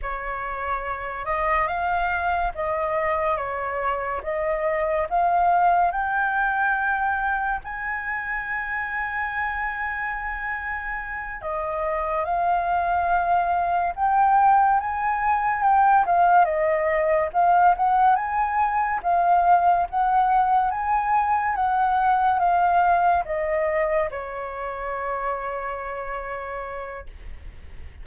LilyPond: \new Staff \with { instrumentName = "flute" } { \time 4/4 \tempo 4 = 71 cis''4. dis''8 f''4 dis''4 | cis''4 dis''4 f''4 g''4~ | g''4 gis''2.~ | gis''4. dis''4 f''4.~ |
f''8 g''4 gis''4 g''8 f''8 dis''8~ | dis''8 f''8 fis''8 gis''4 f''4 fis''8~ | fis''8 gis''4 fis''4 f''4 dis''8~ | dis''8 cis''2.~ cis''8 | }